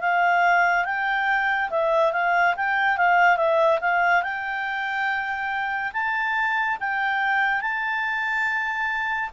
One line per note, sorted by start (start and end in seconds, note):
0.00 0.85 F5
0.85 1.69 G5
1.70 2.12 E5
2.12 2.54 F5
2.56 2.97 G5
2.97 3.36 F5
3.36 3.79 E5
3.80 4.23 F5
4.23 5.92 G5
5.93 6.77 A5
6.80 7.61 G5
7.61 9.30 A5